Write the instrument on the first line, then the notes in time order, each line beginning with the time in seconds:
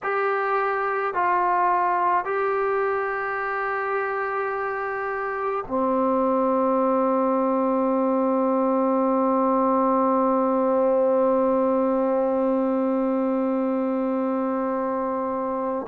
trombone
0.03 G4
1.13 F4
2.24 G4
5.67 C4